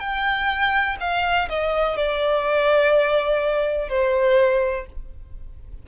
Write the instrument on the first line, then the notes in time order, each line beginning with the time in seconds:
violin
0.00 G5
1.00 F5
1.50 D#5
1.97 D5
3.90 C5